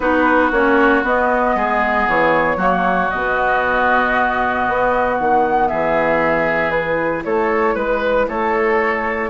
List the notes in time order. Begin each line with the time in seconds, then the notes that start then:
0.00 B3 D#4 F#4 B4
0.51 A#3 C#4 C#5
1.03 B3 D#5
1.55 G#3 G#4
2.08 E3 C#5
2.56 F#3 A#3 F#4
3.10 B2 B3 D#5
4.68 B3
5.18 D#3 F#5
5.68 E3 G#4 E5
6.70 E4 B4
7.24 A3 A4 C#5
7.74 G#3 B4
8.27 A3 A4 C#5